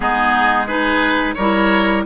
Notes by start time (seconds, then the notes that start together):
0.00 G#3 B3 D#4 G#4
0.66 D#4 G#4 B4
1.34 G3 E4 A#4 C#5